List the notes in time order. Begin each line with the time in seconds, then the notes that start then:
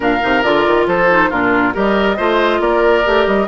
0.00 A#2 D4 A#4 F5
0.21 C3 D#4
0.42 D3 F4 D5
0.66 D#3
0.87 F3 A4 C5
1.09 D#4
1.30 A#2 D4 F4 A#4
1.73 G3 G4 A#4 D#5
2.16 A3 F4 C5
2.59 A#3 A#4 D5
3.04 A3 G4
3.26 G3 D#5